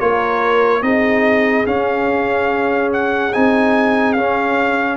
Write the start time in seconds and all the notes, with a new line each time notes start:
0.00 A#3 F4 A#4 C#5
0.82 C4 D#4 G#4 D#5
1.66 C#4 F5
2.93 F#5
3.33 C4 D#4 G#5
4.13 C#4 F5